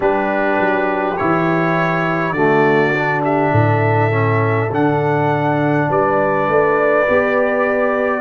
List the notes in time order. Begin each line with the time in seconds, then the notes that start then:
0.00 G3 D4 G4 B4
0.59 F#3
1.17 E3 E4 C#5
2.31 D3 A3 F#4 D5
2.95 D4
3.22 G4 E5
3.51 A2 A4
4.10 C#4
4.70 D3 D4 F#5
5.88 G3 B4 D5
6.48 A3
7.07 B3 G4